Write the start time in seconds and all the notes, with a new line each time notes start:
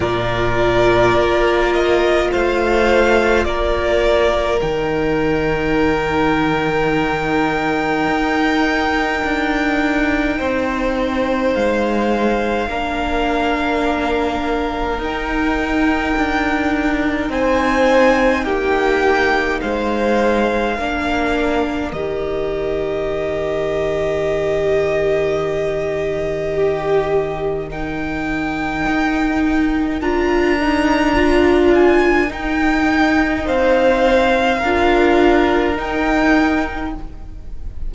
0.00 A#2 F4 A#4 D5
1.14 A#3
1.72 D#5
2.31 A3 C5 F5
3.44 A#3 A#4 D5
4.61 D#3 D#4 G5
8.07 D#4
9.24 D4
10.37 C4 C5
11.54 G#3 F5
12.67 A#3 D4 A#4
14.98 D#4 G5
16.16 D4
17.29 C4 C5 G#5
18.44 A#3 G4 G5
19.60 G#3 C5 F5
20.76 A#3 D4 A#4
21.92 D#3 G4 D#5
26.55 G4
27.69 D#4 A#4 G5
28.87 D#4
30.01 D4 F4 A#5
30.59 D#4
31.15 F4
31.74 G#5
32.28 D#4 G5
33.45 C4 C5 F5
34.58 D4 A#4
34.65 F4
35.75 D#4 G5